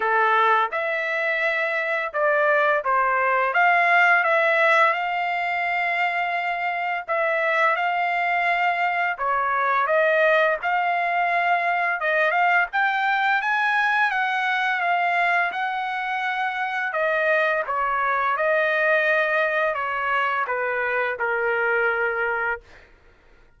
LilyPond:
\new Staff \with { instrumentName = "trumpet" } { \time 4/4 \tempo 4 = 85 a'4 e''2 d''4 | c''4 f''4 e''4 f''4~ | f''2 e''4 f''4~ | f''4 cis''4 dis''4 f''4~ |
f''4 dis''8 f''8 g''4 gis''4 | fis''4 f''4 fis''2 | dis''4 cis''4 dis''2 | cis''4 b'4 ais'2 | }